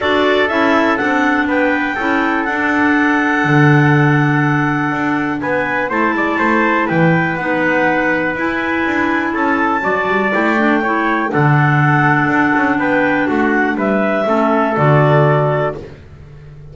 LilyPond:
<<
  \new Staff \with { instrumentName = "clarinet" } { \time 4/4 \tempo 4 = 122 d''4 e''4 fis''4 g''4~ | g''4 fis''2.~ | fis''2. gis''4 | a''2 g''4 fis''4~ |
fis''4 gis''2 a''4~ | a''4 g''2 fis''4~ | fis''2 g''4 fis''4 | e''2 d''2 | }
  \new Staff \with { instrumentName = "trumpet" } { \time 4/4 a'2. b'4 | a'1~ | a'2. b'4 | c''8 d''8 c''4 b'2~ |
b'2. a'4 | d''2 cis''4 a'4~ | a'2 b'4 fis'4 | b'4 a'2. | }
  \new Staff \with { instrumentName = "clarinet" } { \time 4/4 fis'4 e'4 d'2 | e'4 d'2.~ | d'1 | e'2. dis'4~ |
dis'4 e'2. | fis'4 e'8 d'8 e'4 d'4~ | d'1~ | d'4 cis'4 fis'2 | }
  \new Staff \with { instrumentName = "double bass" } { \time 4/4 d'4 cis'4 c'4 b4 | cis'4 d'2 d4~ | d2 d'4 b4 | a8 gis8 a4 e4 b4~ |
b4 e'4 d'4 cis'4 | fis8 g8 a2 d4~ | d4 d'8 cis'8 b4 a4 | g4 a4 d2 | }
>>